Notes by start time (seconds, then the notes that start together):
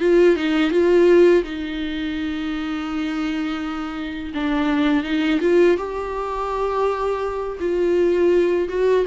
0.00 F4
0.36 D#4
0.71 F4
1.43 D#4
4.34 D4
5.04 D#4
5.41 F4
5.77 G4
7.60 F4
8.69 F#4